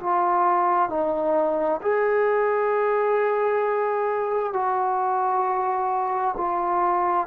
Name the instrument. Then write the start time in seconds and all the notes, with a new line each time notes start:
trombone
0.00 F4
0.90 D#4
1.82 G#4
4.53 F#4
6.37 F4